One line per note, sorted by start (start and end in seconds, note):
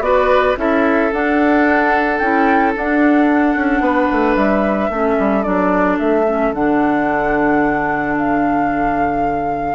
0.00 0.54 B3
0.00 0.56 F#4
0.00 0.58 B4
0.00 0.56 D5
0.56 1.11 C#4
0.56 1.10 E4
0.56 3.82 A4
0.56 1.12 E5
1.12 2.20 D4
1.12 2.21 D4
1.12 2.18 F#5
2.18 2.74 C#4
2.18 2.74 E4
2.18 2.72 G5
2.74 4.90 D4
2.74 3.55 D4
2.74 4.36 F#5
3.55 3.80 C#4
3.80 4.07 B3
3.80 4.90 B4
4.12 4.35 A3
4.35 4.89 G3
4.35 5.43 E5
4.89 5.16 A3
4.89 5.43 C#4
4.89 9.74 A4
5.18 5.45 G3
5.43 5.99 F#3
5.43 6.24 D4
5.43 5.97 D5
5.99 6.52 A3
5.99 6.53 E5
6.26 6.53 C#4
6.52 9.74 D3
6.52 9.74 D4
6.52 8.16 F#5
8.17 9.74 F5